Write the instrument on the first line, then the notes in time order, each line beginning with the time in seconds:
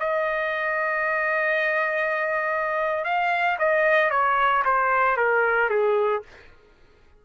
trumpet
0.00 D#5
3.05 F5
3.59 D#5
4.11 C#5
4.65 C5
5.17 A#4
5.70 G#4